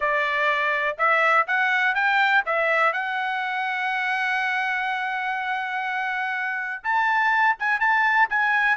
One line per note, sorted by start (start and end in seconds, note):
0.00 0.96 D5
0.98 1.46 E5
1.47 1.94 F#5
1.94 2.43 G5
2.45 2.92 E5
2.92 6.83 F#5
6.83 7.56 A5
7.59 7.80 G#5
7.80 8.28 A5
8.29 8.77 G#5